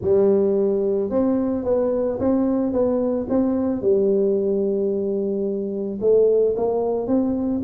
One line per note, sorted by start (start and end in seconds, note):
0.01 1.09 G3
1.09 1.64 C4
1.64 2.18 B3
2.19 2.72 C4
2.72 3.26 B3
3.29 3.81 C4
3.81 5.99 G3
6.00 6.55 A3
6.56 7.07 A#3
7.07 7.61 C4